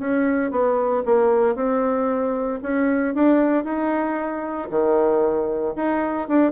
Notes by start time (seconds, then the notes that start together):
0.00 C#4
0.51 B3
1.06 A#3
1.56 C4
2.63 C#4
3.15 D4
3.65 D#4
4.71 D#3
5.77 D#4
6.29 D4